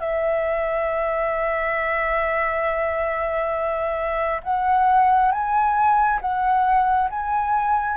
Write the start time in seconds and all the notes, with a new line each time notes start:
0.00 E5
4.44 F#5
5.31 G#5
6.21 F#5
7.10 G#5